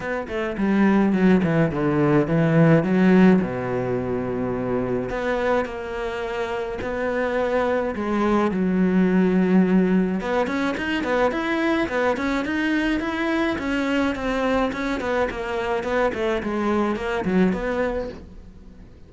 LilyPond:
\new Staff \with { instrumentName = "cello" } { \time 4/4 \tempo 4 = 106 b8 a8 g4 fis8 e8 d4 | e4 fis4 b,2~ | b,4 b4 ais2 | b2 gis4 fis4~ |
fis2 b8 cis'8 dis'8 b8 | e'4 b8 cis'8 dis'4 e'4 | cis'4 c'4 cis'8 b8 ais4 | b8 a8 gis4 ais8 fis8 b4 | }